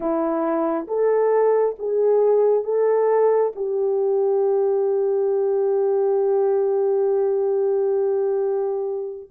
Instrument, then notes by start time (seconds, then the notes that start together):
horn
0.00 E4
0.87 A4
1.78 G#4
2.64 A4
3.55 G4